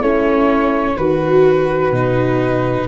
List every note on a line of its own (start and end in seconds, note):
0.00 0.95 A3
0.00 0.97 C#4
0.00 0.95 E4
0.00 0.97 C#5
0.95 1.91 D#3
0.95 1.92 F#4
0.95 2.87 F#4
0.95 2.87 B4
1.91 2.86 B2
1.91 2.87 D#4